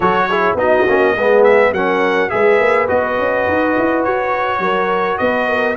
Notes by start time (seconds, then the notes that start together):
0.00 F#3 F#4 A4 C#5
0.29 E4 G#4
0.54 B3 D#4 F#4 D#5
0.88 A#3 C#4
1.14 G#3 B3 G#4
1.43 E5
1.71 F#3 C#4 A#4 F#5
2.29 G#3 G#4 B4 E5
2.60 A#3
2.87 B3 F#4 D#5
3.18 C#4
3.47 D#4
3.77 E4
4.03 F#4 C#5
4.59 F#3 A#4
5.18 B3 B4 D#5
5.47 A#4